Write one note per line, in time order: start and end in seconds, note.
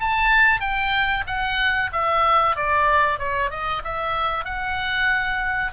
0.00 0.60 A5
0.60 1.24 G5
1.26 1.90 F#5
1.92 2.56 E5
2.56 3.19 D5
3.19 3.50 C#5
3.50 3.82 D#5
3.84 4.45 E5
4.45 5.72 F#5